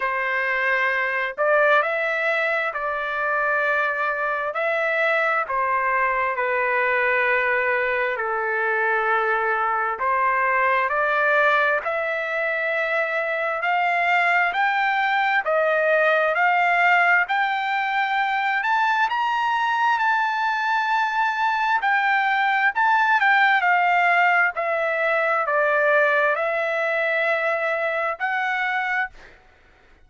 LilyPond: \new Staff \with { instrumentName = "trumpet" } { \time 4/4 \tempo 4 = 66 c''4. d''8 e''4 d''4~ | d''4 e''4 c''4 b'4~ | b'4 a'2 c''4 | d''4 e''2 f''4 |
g''4 dis''4 f''4 g''4~ | g''8 a''8 ais''4 a''2 | g''4 a''8 g''8 f''4 e''4 | d''4 e''2 fis''4 | }